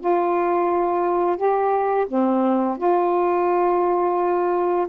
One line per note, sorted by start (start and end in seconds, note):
0.00 1.37 F4
1.37 2.07 G4
2.08 2.78 C4
2.78 4.87 F4